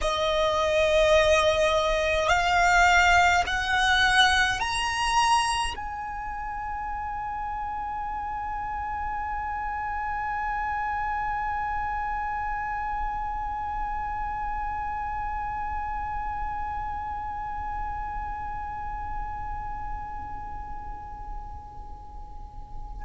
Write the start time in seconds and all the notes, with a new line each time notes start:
0.01 D#5
2.28 F5
3.46 F#5
4.59 A#5
5.76 G#5